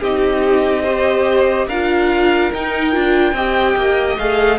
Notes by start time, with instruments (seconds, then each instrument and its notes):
0.00 cello C4, viola D#4, violin G4 D#5
0.83 viola G4, violin C5
1.67 cello D4, viola F4, violin A#4 F5
2.53 viola D#4, cello D#4, violin G5
2.92 cello D4, viola F4
3.32 cello C4, viola G4, violin D#5
3.76 cello A#3
4.18 cello A3, viola G#4, violin F5